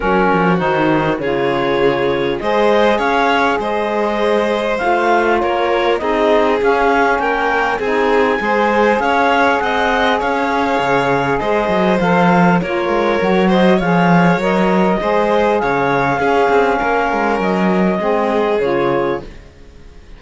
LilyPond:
<<
  \new Staff \with { instrumentName = "clarinet" } { \time 4/4 \tempo 4 = 100 ais'4 c''4 cis''2 | dis''4 f''4 dis''2 | f''4 cis''4 dis''4 f''4 | g''4 gis''2 f''4 |
fis''4 f''2 dis''4 | f''4 cis''4. dis''8 f''4 | dis''2 f''2~ | f''4 dis''2 cis''4 | }
  \new Staff \with { instrumentName = "violin" } { \time 4/4 fis'2 gis'2 | c''4 cis''4 c''2~ | c''4 ais'4 gis'2 | ais'4 gis'4 c''4 cis''4 |
dis''4 cis''2 c''4~ | c''4 ais'4. c''8 cis''4~ | cis''4 c''4 cis''4 gis'4 | ais'2 gis'2 | }
  \new Staff \with { instrumentName = "saxophone" } { \time 4/4 cis'4 dis'4 f'2 | gis'1 | f'2 dis'4 cis'4~ | cis'4 dis'4 gis'2~ |
gis'1 | a'4 f'4 fis'4 gis'4 | ais'4 gis'2 cis'4~ | cis'2 c'4 f'4 | }
  \new Staff \with { instrumentName = "cello" } { \time 4/4 fis8 f8 dis4 cis2 | gis4 cis'4 gis2 | a4 ais4 c'4 cis'4 | ais4 c'4 gis4 cis'4 |
c'4 cis'4 cis4 gis8 fis8 | f4 ais8 gis8 fis4 f4 | fis4 gis4 cis4 cis'8 c'8 | ais8 gis8 fis4 gis4 cis4 | }
>>